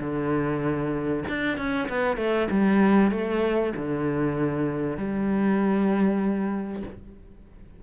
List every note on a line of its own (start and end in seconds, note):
0.00 1.24 D3
1.28 1.57 D4
1.57 1.88 C#4
1.88 2.16 B3
2.16 2.47 A3
2.50 3.11 G3
3.11 3.73 A3
3.76 4.97 D3
4.97 6.82 G3